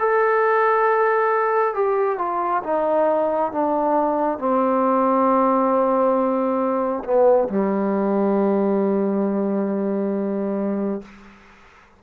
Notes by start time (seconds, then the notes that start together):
0.00 A4
1.75 G4
2.19 F4
2.64 D#4
3.52 D4
4.39 C4
7.04 B3
7.49 G3